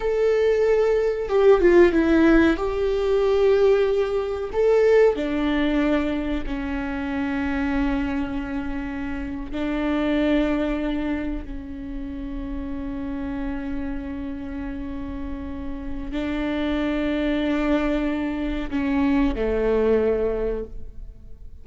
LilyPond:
\new Staff \with { instrumentName = "viola" } { \time 4/4 \tempo 4 = 93 a'2 g'8 f'8 e'4 | g'2. a'4 | d'2 cis'2~ | cis'2~ cis'8. d'4~ d'16~ |
d'4.~ d'16 cis'2~ cis'16~ | cis'1~ | cis'4 d'2.~ | d'4 cis'4 a2 | }